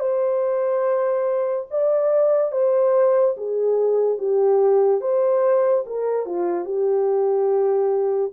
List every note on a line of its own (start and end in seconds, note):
0.00 1.67 C5
1.71 2.52 D5
2.52 3.35 C5
3.37 4.18 G#4
4.18 5.01 G4
5.01 5.84 C5
5.86 6.26 A#4
6.26 6.65 F4
6.65 8.32 G4